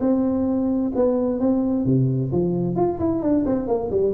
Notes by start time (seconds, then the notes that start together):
0.00 C4
0.95 B3
1.40 C4
1.85 C3
2.32 F3
2.76 F4
3.00 E4
3.22 D4
3.46 C4
3.67 A#3
3.91 G3